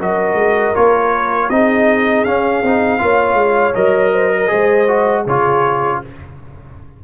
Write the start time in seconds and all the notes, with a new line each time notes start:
0.00 F#3 F#4 A#4 D#5
0.34 G#3
0.75 A#3 F4 C#5
1.49 C4 D#4 G#4 D#5
2.24 C#4 F5
2.63 C4 D#4
2.99 A#3 F4 C#5
3.34 G#3
3.74 F#3 A#4 D#5
4.13 C5
4.32 A#4
4.47 G#3 G#4 C5
4.88 F#4
5.23 C#3 G#4 C#5
5.29 F4